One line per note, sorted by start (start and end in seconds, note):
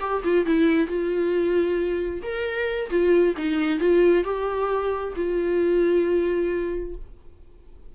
0.00 0.22 G4
0.24 0.46 F4
0.46 0.87 E4
0.87 2.21 F4
2.22 2.90 A#4
2.90 3.35 F4
3.37 3.80 D#4
3.80 4.24 F4
4.24 5.14 G4
5.16 6.95 F4